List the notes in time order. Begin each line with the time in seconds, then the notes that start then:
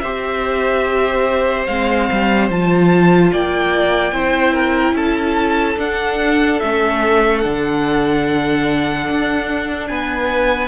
0.00 C4 G4 C5 E5
1.66 G#3 C4 F5
2.11 G3
2.49 F3 F4 A5
3.32 A#3 D5 G5
4.12 C4 E4 C5
4.53 A#4
4.93 C#4 A4 A5
5.77 D4 F#5
6.59 A3 C#4 E5
7.39 D3 D4 F#5
9.09 D4
9.87 B3 B4 G#5